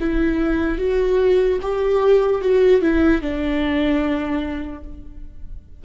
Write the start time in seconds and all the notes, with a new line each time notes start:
0.00 E4
0.78 F#4
1.61 G4
2.42 F#4
2.82 E4
3.21 D4